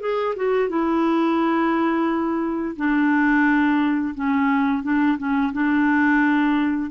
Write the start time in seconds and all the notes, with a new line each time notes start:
0.00 G#4
0.36 F#4
0.69 E4
2.76 D4
4.15 C#4
4.83 D4
5.18 C#4
5.53 D4